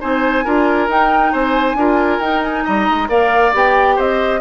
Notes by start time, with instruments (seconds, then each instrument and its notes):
0.00 bassoon C4, clarinet D#4, oboe C5, flute G#5
0.44 bassoon D4, clarinet F4, oboe A#4
0.88 bassoon D#4, clarinet D#4, flute G5
1.32 bassoon C4, oboe C5, flute G#5
1.75 bassoon D4, clarinet F4, oboe A#4
2.20 bassoon D#4, clarinet D#4, flute G5
2.43 flute G#5
2.64 bassoon G3, oboe D#5, flute A#5
2.89 bassoon G#3
3.08 bassoon A#3, clarinet A#4, oboe D5, flute F5
3.53 bassoon B3, clarinet G4, flute G5
3.96 bassoon C4, oboe C5, flute D#5